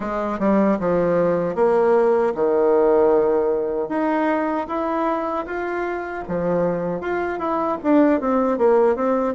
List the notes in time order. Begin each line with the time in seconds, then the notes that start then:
0.00 G#3
0.39 G3
0.79 F3
1.55 A#3
2.34 D#3
3.88 D#4
4.68 E4
5.45 F4
6.27 F3
7.01 F4
7.38 E4
7.83 D4
8.20 C4
8.57 A#3
8.95 C4